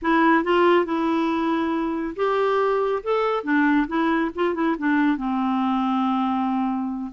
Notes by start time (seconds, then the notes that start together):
0.02 E4
0.44 F4
0.85 E4
2.16 G4
3.03 A4
3.43 D4
3.87 E4
4.35 F4
4.54 E4
4.78 D4
5.17 C4